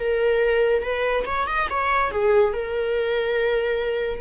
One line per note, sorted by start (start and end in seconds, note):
0.00 0.83 A#4
0.83 1.25 B4
1.26 1.47 C#5
1.48 1.69 D#5
1.70 2.11 C#5
2.11 2.53 G#4
2.53 4.21 A#4